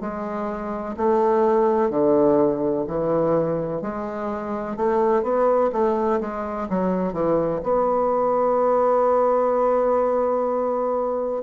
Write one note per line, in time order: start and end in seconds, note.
0.00 0.95 G#3
0.97 1.90 A3
1.90 2.85 D3
2.87 3.81 E3
3.81 4.76 G#3
4.76 5.23 A3
5.23 5.70 B3
5.72 6.20 A3
6.20 6.68 G#3
6.69 7.13 F#3
7.13 7.60 E3
7.63 11.43 B3